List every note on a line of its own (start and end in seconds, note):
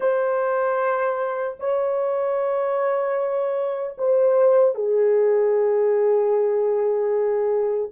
0.00 1.56 C5
1.59 3.96 C#5
3.98 4.74 C5
4.74 7.90 G#4